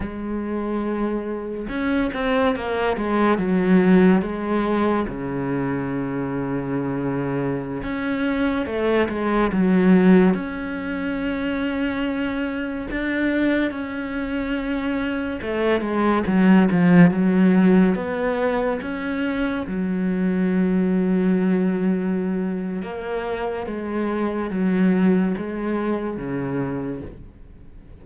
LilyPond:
\new Staff \with { instrumentName = "cello" } { \time 4/4 \tempo 4 = 71 gis2 cis'8 c'8 ais8 gis8 | fis4 gis4 cis2~ | cis4~ cis16 cis'4 a8 gis8 fis8.~ | fis16 cis'2. d'8.~ |
d'16 cis'2 a8 gis8 fis8 f16~ | f16 fis4 b4 cis'4 fis8.~ | fis2. ais4 | gis4 fis4 gis4 cis4 | }